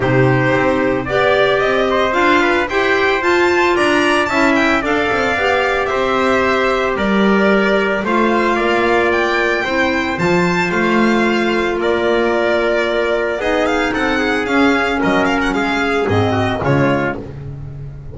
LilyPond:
<<
  \new Staff \with { instrumentName = "violin" } { \time 4/4 \tempo 4 = 112 c''2 d''4 dis''4 | f''4 g''4 a''4 ais''4 | a''8 g''8 f''2 e''4~ | e''4 d''2 f''4~ |
f''4 g''2 a''4 | f''2 d''2~ | d''4 dis''8 f''8 fis''4 f''4 | dis''8 f''16 fis''16 f''4 dis''4 cis''4 | }
  \new Staff \with { instrumentName = "trumpet" } { \time 4/4 g'2 d''4. c''8~ | c''8 b'8 c''2 d''4 | e''4 d''2 c''4~ | c''4 ais'2 c''4 |
d''2 c''2~ | c''2 ais'2~ | ais'4 gis'4 a'8 gis'4. | ais'4 gis'4. fis'8 f'4 | }
  \new Staff \with { instrumentName = "clarinet" } { \time 4/4 dis'2 g'2 | f'4 g'4 f'2 | e'4 a'4 g'2~ | g'2. f'4~ |
f'2 e'4 f'4~ | f'1~ | f'4 dis'2 cis'4~ | cis'2 c'4 gis4 | }
  \new Staff \with { instrumentName = "double bass" } { \time 4/4 c4 c'4 b4 c'4 | d'4 e'4 f'4 d'4 | cis'4 d'8 c'8 b4 c'4~ | c'4 g2 a4 |
ais2 c'4 f4 | a2 ais2~ | ais4 b4 c'4 cis'4 | fis4 gis4 gis,4 cis4 | }
>>